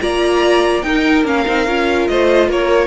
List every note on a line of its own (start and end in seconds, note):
0.00 0.83 A#3
0.00 0.83 F4
0.00 0.85 D5
0.00 0.82 A#5
0.82 1.24 D#4
0.82 1.25 D#4
0.82 2.10 A#4
0.82 1.24 G5
1.24 1.45 A#3
1.24 1.46 C#4
1.24 2.07 F5
1.46 1.67 C4
1.46 1.67 D#4
1.67 2.08 C#4
1.67 2.87 F4
2.07 2.49 A3
2.07 2.49 C5
2.07 2.49 D#5
2.49 2.87 A#3
2.49 2.87 A#4
2.49 2.87 C#5